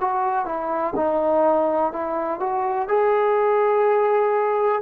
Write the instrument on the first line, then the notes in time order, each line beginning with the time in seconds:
trombone
0.00 F#4
0.45 E4
0.95 D#4
1.92 E4
2.40 F#4
2.88 G#4